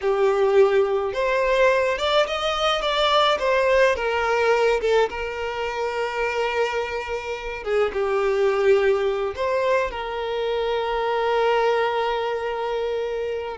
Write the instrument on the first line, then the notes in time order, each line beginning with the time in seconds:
violin
0.01 G4
1.13 C5
1.98 D5
2.26 D#5
2.81 D5
3.39 C5
3.95 A#4
4.80 A4
5.09 A#4
7.63 G#4
7.93 G4
9.35 C5
9.90 A#4